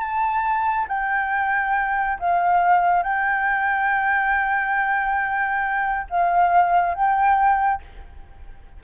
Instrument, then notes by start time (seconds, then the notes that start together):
flute
0.00 A5
0.89 G5
2.20 F5
3.04 G5
6.10 F5
6.95 G5